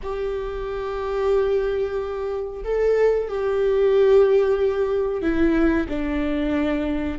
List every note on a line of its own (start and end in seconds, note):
0.02 2.63 G4
2.64 3.28 A4
3.28 5.22 G4
5.22 5.87 E4
5.89 7.19 D4